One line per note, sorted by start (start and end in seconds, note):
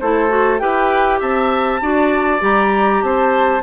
0.00 0.61 A3
0.00 0.29 E4
0.00 0.61 A4
0.00 0.59 C5
0.29 0.59 F#4
0.59 1.21 E4
0.59 1.80 G4
0.59 1.20 B4
0.59 1.20 G5
1.20 1.81 C4
1.20 1.80 E5
1.20 2.43 A5
1.81 2.41 D4
1.81 2.40 F#4
1.81 3.04 D5
2.40 3.02 G3
2.40 3.61 G4
2.40 3.03 A#5
3.02 3.62 C4
3.02 3.62 C5
3.02 3.62 A5